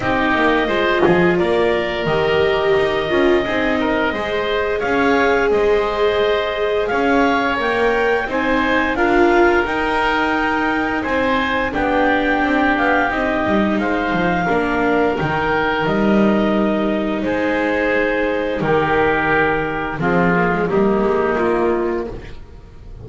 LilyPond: <<
  \new Staff \with { instrumentName = "clarinet" } { \time 4/4 \tempo 4 = 87 dis''2 d''4 dis''4~ | dis''2. f''4 | dis''2 f''4 g''4 | gis''4 f''4 g''2 |
gis''4 g''4. f''8 dis''4 | f''2 g''4 dis''4~ | dis''4 c''2 ais'4~ | ais'4 gis'4 g'4 f'4 | }
  \new Staff \with { instrumentName = "oboe" } { \time 4/4 g'4 c''8 gis'8 ais'2~ | ais'4 gis'8 ais'8 c''4 cis''4 | c''2 cis''2 | c''4 ais'2. |
c''4 g'2. | c''4 ais'2.~ | ais'4 gis'2 g'4~ | g'4 f'4 dis'2 | }
  \new Staff \with { instrumentName = "viola" } { \time 4/4 dis'4 f'2 g'4~ | g'8 f'8 dis'4 gis'2~ | gis'2. ais'4 | dis'4 f'4 dis'2~ |
dis'4 d'2 dis'4~ | dis'4 d'4 dis'2~ | dis'1~ | dis'4 c'8 ais16 gis16 ais2 | }
  \new Staff \with { instrumentName = "double bass" } { \time 4/4 c'8 ais8 gis8 f8 ais4 dis4 | dis'8 cis'8 c'4 gis4 cis'4 | gis2 cis'4 ais4 | c'4 d'4 dis'2 |
c'4 b4 c'8 b8 c'8 g8 | gis8 f8 ais4 dis4 g4~ | g4 gis2 dis4~ | dis4 f4 g8 gis8 ais4 | }
>>